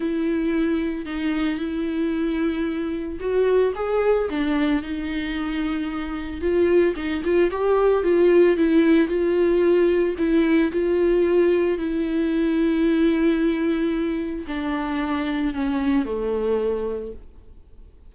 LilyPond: \new Staff \with { instrumentName = "viola" } { \time 4/4 \tempo 4 = 112 e'2 dis'4 e'4~ | e'2 fis'4 gis'4 | d'4 dis'2. | f'4 dis'8 f'8 g'4 f'4 |
e'4 f'2 e'4 | f'2 e'2~ | e'2. d'4~ | d'4 cis'4 a2 | }